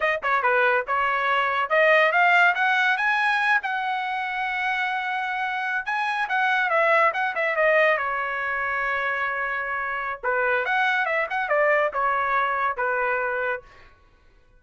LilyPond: \new Staff \with { instrumentName = "trumpet" } { \time 4/4 \tempo 4 = 141 dis''8 cis''8 b'4 cis''2 | dis''4 f''4 fis''4 gis''4~ | gis''8 fis''2.~ fis''8~ | fis''4.~ fis''16 gis''4 fis''4 e''16~ |
e''8. fis''8 e''8 dis''4 cis''4~ cis''16~ | cis''1 | b'4 fis''4 e''8 fis''8 d''4 | cis''2 b'2 | }